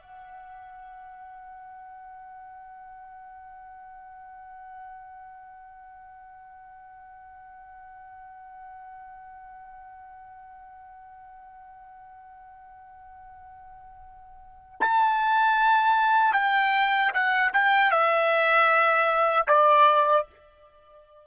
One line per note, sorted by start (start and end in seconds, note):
0.00 14.81 F#5
14.81 16.33 A5
16.33 17.11 G5
17.13 17.52 F#5
17.53 17.91 G5
17.91 19.47 E5
19.47 20.25 D5